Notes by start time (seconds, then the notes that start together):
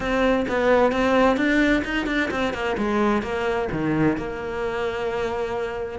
0.00 C4
0.48 B3
0.92 C4
1.36 D4
1.84 D#4
2.06 D4
2.30 C4
2.53 A#3
2.77 G#3
3.22 A#3
3.72 D#3
4.17 A#3